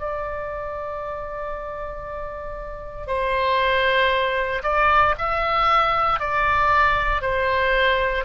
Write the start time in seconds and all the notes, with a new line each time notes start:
0.00 D5
3.08 C5
4.63 D5
5.19 E5
6.20 D5
7.22 C5